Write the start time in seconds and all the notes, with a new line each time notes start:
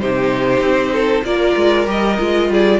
0.00 C3 D#4 G4 C5
0.60 C4
0.93 A4
1.24 A#3 F4 A#4 D5
1.56 G#3
1.86 G3 G4 D#5
2.19 G#3 F4
2.49 G3 G#4 D5